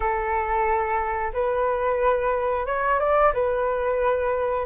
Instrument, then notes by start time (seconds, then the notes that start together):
flute
0.00 A4
1.33 B4
2.66 C#5
2.99 D5
3.33 B4